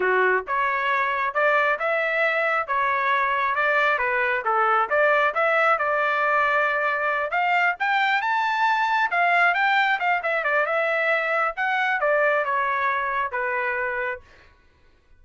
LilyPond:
\new Staff \with { instrumentName = "trumpet" } { \time 4/4 \tempo 4 = 135 fis'4 cis''2 d''4 | e''2 cis''2 | d''4 b'4 a'4 d''4 | e''4 d''2.~ |
d''8 f''4 g''4 a''4.~ | a''8 f''4 g''4 f''8 e''8 d''8 | e''2 fis''4 d''4 | cis''2 b'2 | }